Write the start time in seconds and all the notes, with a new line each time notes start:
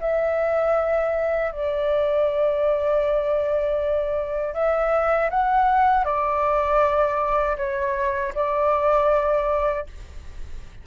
0.00 E5
1.52 D5
4.54 E5
5.30 F#5
6.04 D5
7.57 C#5
8.34 D5